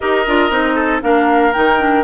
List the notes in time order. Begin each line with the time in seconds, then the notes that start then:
0.00 D#4 G4 A#4 D#5
0.27 D4 F4
0.49 C4 D#4
0.75 A4
1.01 A#3 D4 A#4 F5
1.52 D#3 D#4 G5
1.79 D4